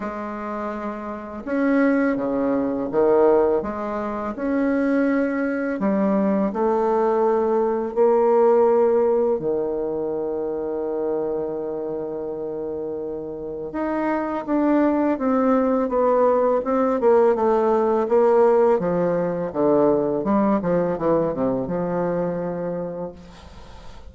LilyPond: \new Staff \with { instrumentName = "bassoon" } { \time 4/4 \tempo 4 = 83 gis2 cis'4 cis4 | dis4 gis4 cis'2 | g4 a2 ais4~ | ais4 dis2.~ |
dis2. dis'4 | d'4 c'4 b4 c'8 ais8 | a4 ais4 f4 d4 | g8 f8 e8 c8 f2 | }